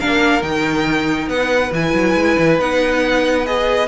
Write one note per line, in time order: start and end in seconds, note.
0.00 0.42 A#3
0.00 0.41 D4
0.00 1.30 A#4
0.00 0.43 F5
0.41 1.28 D#3
0.41 1.71 D#4
0.41 1.29 G5
1.28 1.71 B3
1.28 3.88 B4
1.28 1.72 F#5
1.72 1.93 E3
1.72 2.60 E4
1.72 2.60 G#5
1.94 2.15 F#3
2.15 2.37 G#3
2.39 2.59 E3
2.59 3.88 B3
2.59 3.46 D#4
2.59 3.46 F#5
3.46 3.88 G#4
3.46 3.88 D#5